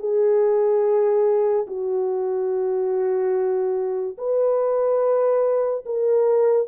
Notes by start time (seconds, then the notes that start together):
0.00 G#4
1.67 F#4
4.18 B4
5.86 A#4